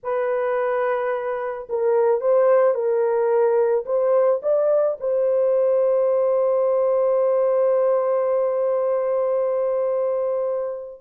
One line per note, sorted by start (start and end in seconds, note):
0.03 1.68 B4
1.69 2.20 A#4
2.20 2.74 C5
2.74 3.84 A#4
3.85 4.40 C5
4.42 4.97 D5
5.00 11.01 C5